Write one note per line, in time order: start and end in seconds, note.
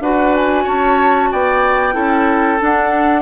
0.00 0.65 D4
0.00 1.93 F#4
0.00 0.64 B4
0.00 0.34 F#5
0.35 0.67 G#5
0.64 1.31 C#4
0.64 1.29 C#5
0.64 1.32 A5
1.32 1.95 B3
1.32 1.94 D5
1.32 2.61 G5
1.93 2.60 C#4
1.93 2.57 E4
1.93 3.22 A4
2.59 3.22 D4
2.59 3.22 F#5